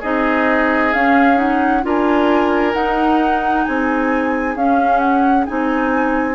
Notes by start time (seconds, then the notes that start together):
0.00 C4 D#4 G#4 D#5
0.93 C#4 F5
1.36 D#4 F#5
1.82 D4 F4 A#4
1.88 G#5
2.73 D#4 F#5
3.64 C4 G#4 G#5
4.55 C#4 F5
4.98 F#5
5.46 C4 D#4 G#5